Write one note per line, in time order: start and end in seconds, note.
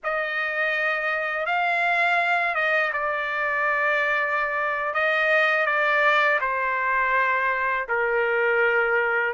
0.03 1.46 D#5
1.46 2.54 F5
2.54 2.91 D#5
2.92 4.94 D5
4.94 5.65 D#5
5.65 6.39 D5
6.41 7.87 C5
7.88 9.33 A#4